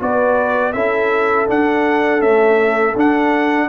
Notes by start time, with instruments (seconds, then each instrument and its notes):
0.00 tuba B3, trombone F#4, horn B4, trumpet D5
0.73 tuba C#4, trombone E4, horn A4, trumpet E5
1.48 trombone D4, tuba D4, trumpet F#5
2.20 trombone A3, tuba C#4, trumpet E5
2.96 tuba D4, trombone D4, trumpet F#5